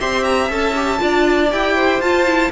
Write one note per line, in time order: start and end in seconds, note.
0.00 0.50 C4
0.00 0.50 G4
0.00 1.01 E5
0.00 0.24 C6
0.24 0.49 A#5
0.50 1.00 C#4
0.50 0.75 A4
0.50 1.53 A5
0.76 0.99 G4
0.99 1.53 D4
0.99 1.49 F4
0.99 1.76 D5
1.52 2.01 E4
1.52 2.02 G4
1.52 2.02 G5
1.76 2.51 C5
2.01 2.51 F4
2.01 2.26 F4
2.01 2.52 A5
2.26 2.52 E4